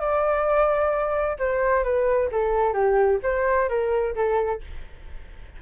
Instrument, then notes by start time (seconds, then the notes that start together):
flute
0.00 D5
1.39 C5
1.84 B4
2.32 A4
2.73 G4
3.23 C5
3.69 A#4
4.16 A4